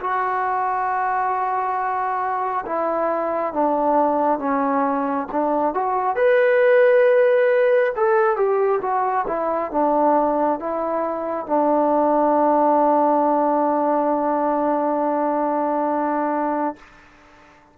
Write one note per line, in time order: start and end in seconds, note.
0.00 2.65 F#4
2.66 3.53 E4
3.53 4.39 D4
4.39 5.27 C#4
5.32 5.74 D4
5.74 6.16 F#4
6.16 7.93 B4
7.96 8.37 A4
8.37 8.81 G4
8.82 9.26 F#4
9.28 9.71 E4
9.71 10.60 D4
10.60 11.47 E4
11.47 16.76 D4